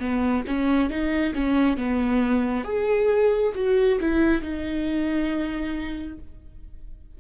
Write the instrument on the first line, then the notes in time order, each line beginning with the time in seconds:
viola
0.00 B3
0.47 C#4
0.90 D#4
1.35 C#4
1.78 B3
2.65 G#4
3.55 F#4
4.01 E4
4.42 D#4